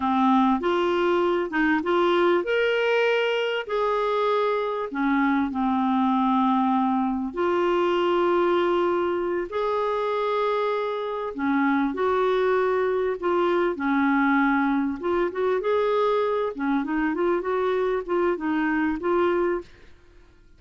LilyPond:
\new Staff \with { instrumentName = "clarinet" } { \time 4/4 \tempo 4 = 98 c'4 f'4. dis'8 f'4 | ais'2 gis'2 | cis'4 c'2. | f'2.~ f'8 gis'8~ |
gis'2~ gis'8 cis'4 fis'8~ | fis'4. f'4 cis'4.~ | cis'8 f'8 fis'8 gis'4. cis'8 dis'8 | f'8 fis'4 f'8 dis'4 f'4 | }